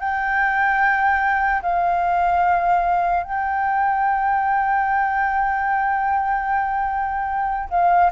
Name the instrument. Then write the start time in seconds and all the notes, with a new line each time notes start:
flute
0.00 G5
1.63 F5
3.24 G5
7.70 F5